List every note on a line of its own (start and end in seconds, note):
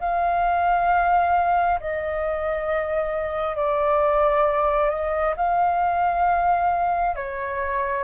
0.00 1.79 F5
1.80 3.56 D#5
3.56 4.90 D5
4.90 5.34 D#5
5.36 7.16 F5
7.16 8.04 C#5